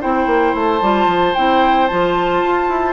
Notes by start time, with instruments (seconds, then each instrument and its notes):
0.00 bassoon C4, clarinet E4, oboe C5, flute G5
0.26 bassoon A#3
0.54 bassoon A3, flute A5
0.81 bassoon G3, clarinet F4
1.06 bassoon F3
1.34 bassoon C4, clarinet E4, flute G5
1.87 bassoon F3, clarinet F4, flute A5
2.43 bassoon F4
2.69 bassoon E4